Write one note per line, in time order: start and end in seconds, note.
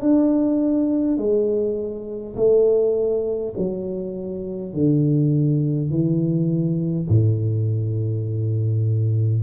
0.00 1.17 D4
1.17 2.35 G#3
2.36 3.53 A3
3.57 4.73 F#3
4.73 5.90 D3
5.90 7.07 E3
7.08 9.43 A2